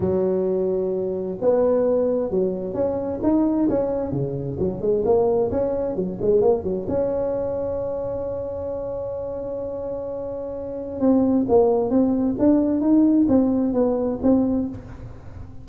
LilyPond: \new Staff \with { instrumentName = "tuba" } { \time 4/4 \tempo 4 = 131 fis2. b4~ | b4 fis4 cis'4 dis'4 | cis'4 cis4 fis8 gis8 ais4 | cis'4 fis8 gis8 ais8 fis8 cis'4~ |
cis'1~ | cis'1 | c'4 ais4 c'4 d'4 | dis'4 c'4 b4 c'4 | }